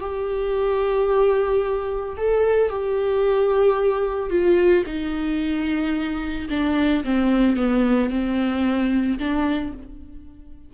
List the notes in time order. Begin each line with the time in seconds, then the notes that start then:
0.00 G4
2.17 A4
2.70 G4
4.29 F4
4.86 D#4
6.50 D4
7.04 C4
7.57 B3
8.10 C4
9.18 D4